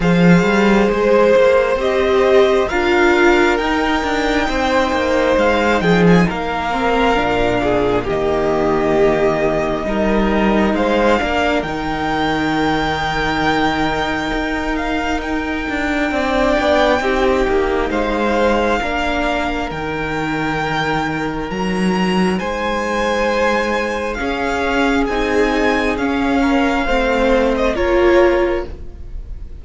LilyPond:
<<
  \new Staff \with { instrumentName = "violin" } { \time 4/4 \tempo 4 = 67 f''4 c''4 dis''4 f''4 | g''2 f''8 g''16 gis''16 f''4~ | f''4 dis''2. | f''4 g''2.~ |
g''8 f''8 g''2. | f''2 g''2 | ais''4 gis''2 f''4 | gis''4 f''4.~ f''16 dis''16 cis''4 | }
  \new Staff \with { instrumentName = "violin" } { \time 4/4 c''2. ais'4~ | ais'4 c''4. gis'8 ais'4~ | ais'8 gis'8 g'2 ais'4 | c''8 ais'2.~ ais'8~ |
ais'2 d''4 g'4 | c''4 ais'2.~ | ais'4 c''2 gis'4~ | gis'4. ais'8 c''4 ais'4 | }
  \new Staff \with { instrumentName = "viola" } { \time 4/4 gis'2 g'4 f'4 | dis'2.~ dis'8 c'8 | d'4 ais2 dis'4~ | dis'8 d'8 dis'2.~ |
dis'2 d'4 dis'4~ | dis'4 d'4 dis'2~ | dis'2. cis'4 | dis'4 cis'4 c'4 f'4 | }
  \new Staff \with { instrumentName = "cello" } { \time 4/4 f8 g8 gis8 ais8 c'4 d'4 | dis'8 d'8 c'8 ais8 gis8 f8 ais4 | ais,4 dis2 g4 | gis8 ais8 dis2. |
dis'4. d'8 c'8 b8 c'8 ais8 | gis4 ais4 dis2 | fis4 gis2 cis'4 | c'4 cis'4 a4 ais4 | }
>>